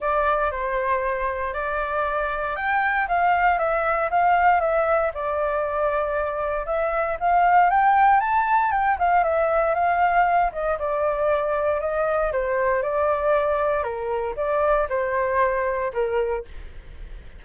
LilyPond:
\new Staff \with { instrumentName = "flute" } { \time 4/4 \tempo 4 = 117 d''4 c''2 d''4~ | d''4 g''4 f''4 e''4 | f''4 e''4 d''2~ | d''4 e''4 f''4 g''4 |
a''4 g''8 f''8 e''4 f''4~ | f''8 dis''8 d''2 dis''4 | c''4 d''2 ais'4 | d''4 c''2 ais'4 | }